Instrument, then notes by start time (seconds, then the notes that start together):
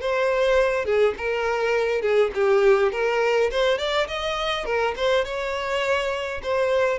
violin
0.00 C5
0.85 G#4
1.17 A#4
2.01 G#4
2.34 G4
2.92 A#4
3.51 C5
3.78 D5
4.07 D#5
4.65 A#4
4.96 C5
5.25 C#5
6.43 C5